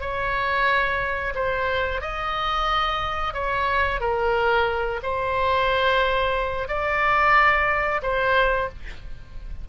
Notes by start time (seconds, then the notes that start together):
0.00 C#5
1.35 C5
2.01 D#5
3.33 C#5
4.00 A#4
5.03 C5
6.68 D5
8.02 C5